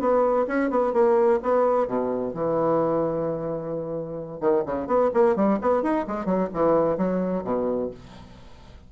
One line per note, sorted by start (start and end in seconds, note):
0.00 0.47 B3
0.48 0.71 C#4
0.71 0.93 B3
0.93 1.40 A#3
1.43 1.88 B3
1.88 2.34 B2
2.34 4.41 E3
4.41 4.64 D#3
4.66 4.88 C#3
4.88 5.11 B3
5.14 5.36 A#3
5.36 5.60 G3
5.62 5.83 B3
5.83 6.06 D#4
6.08 6.26 G#3
6.26 6.49 F#3
6.54 6.98 E3
6.98 7.44 F#3
7.44 7.91 B2